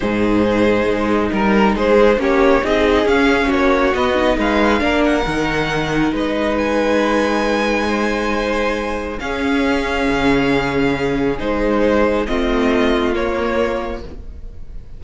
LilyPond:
<<
  \new Staff \with { instrumentName = "violin" } { \time 4/4 \tempo 4 = 137 c''2. ais'4 | c''4 cis''4 dis''4 f''4 | cis''4 dis''4 f''4. fis''8~ | fis''2 dis''4 gis''4~ |
gis''1~ | gis''4 f''2.~ | f''2 c''2 | dis''2 cis''2 | }
  \new Staff \with { instrumentName = "violin" } { \time 4/4 gis'2. ais'4 | gis'4 g'4 gis'2 | fis'2 b'4 ais'4~ | ais'2 b'2~ |
b'2 c''2~ | c''4 gis'2.~ | gis'1 | f'1 | }
  \new Staff \with { instrumentName = "viola" } { \time 4/4 dis'1~ | dis'4 cis'4 dis'4 cis'4~ | cis'4 b8 dis'4. d'4 | dis'1~ |
dis'1~ | dis'4 cis'2.~ | cis'2 dis'2 | c'2 ais2 | }
  \new Staff \with { instrumentName = "cello" } { \time 4/4 gis,2 gis4 g4 | gis4 ais4 c'4 cis'4 | ais4 b4 gis4 ais4 | dis2 gis2~ |
gis1~ | gis4 cis'2 cis4~ | cis2 gis2 | a2 ais2 | }
>>